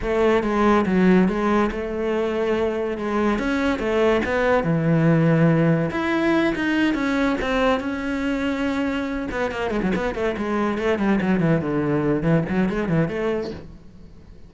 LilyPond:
\new Staff \with { instrumentName = "cello" } { \time 4/4 \tempo 4 = 142 a4 gis4 fis4 gis4 | a2. gis4 | cis'4 a4 b4 e4~ | e2 e'4. dis'8~ |
dis'8 cis'4 c'4 cis'4.~ | cis'2 b8 ais8 gis16 fis16 b8 | a8 gis4 a8 g8 fis8 e8 d8~ | d4 e8 fis8 gis8 e8 a4 | }